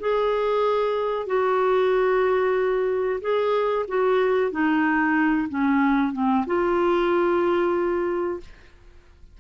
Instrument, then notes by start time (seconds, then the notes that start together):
clarinet
0.00 G#4
1.27 F#4
3.21 G#4
3.88 F#4
4.51 D#4
5.49 C#4
6.13 C4
6.46 F4